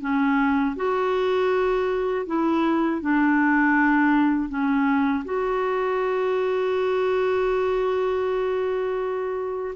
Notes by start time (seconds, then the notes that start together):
0.00 C#4
0.75 F#4
2.26 E4
3.01 D4
4.49 C#4
5.25 F#4